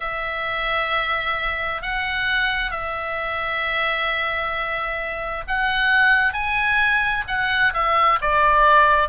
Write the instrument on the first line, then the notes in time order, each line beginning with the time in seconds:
oboe
0.00 E5
1.82 F#5
2.71 E5
5.48 F#5
6.33 G#5
7.27 F#5
7.73 E5
8.21 D5